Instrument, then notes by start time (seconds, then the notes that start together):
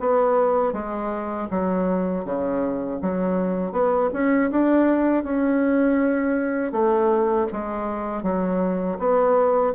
bassoon
0.00 B3
0.73 G#3
1.50 F#3
2.25 C#3
3.02 F#3
3.72 B3
4.13 C#4
4.51 D4
5.24 C#4
6.72 A3
7.52 G#3
8.23 F#3
8.99 B3